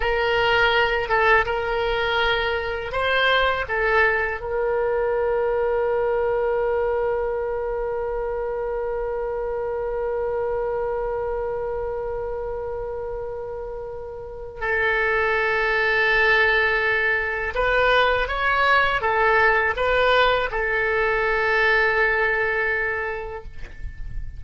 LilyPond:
\new Staff \with { instrumentName = "oboe" } { \time 4/4 \tempo 4 = 82 ais'4. a'8 ais'2 | c''4 a'4 ais'2~ | ais'1~ | ais'1~ |
ais'1 | a'1 | b'4 cis''4 a'4 b'4 | a'1 | }